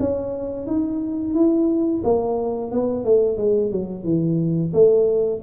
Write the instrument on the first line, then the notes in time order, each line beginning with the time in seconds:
tuba
0.00 C#4
0.67 D#4
1.35 E4
2.04 A#3
2.72 B3
3.05 A3
3.38 G#3
3.72 F#3
4.04 E3
4.74 A3